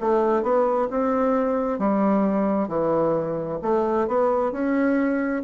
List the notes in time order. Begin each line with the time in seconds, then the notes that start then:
0.00 A3
0.43 B3
0.90 C4
1.79 G3
2.68 E3
3.62 A3
4.07 B3
4.52 C#4